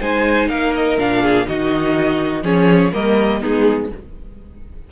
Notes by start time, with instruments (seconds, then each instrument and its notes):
0.00 cello G#3, viola D#4, violin C5 G#5
0.49 cello A#3, violin A#4 F5
0.74 violin D#5
0.97 cello A#2, viola D4, violin F5
1.22 violin G#4
1.45 cello D#3, viola D#4, violin F#4 D#5
2.42 cello F3, viola C#4, violin G#4 C#5
2.92 cello G3, viola A#3, violin A#4 D#5
3.40 cello G#3, viola B3, violin D#4 G#4